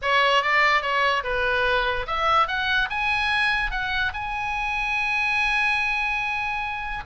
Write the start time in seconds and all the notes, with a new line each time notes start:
0.02 C#5
0.42 D5
0.82 C#5
1.23 B4
2.07 E5
2.47 F#5
2.89 G#5
3.71 F#5
4.13 G#5